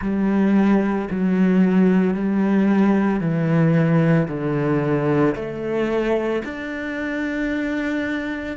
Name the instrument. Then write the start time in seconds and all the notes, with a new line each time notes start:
cello
0.01 G3
1.10 F#3
2.14 G3
3.20 E3
4.28 D3
5.35 A3
6.44 D4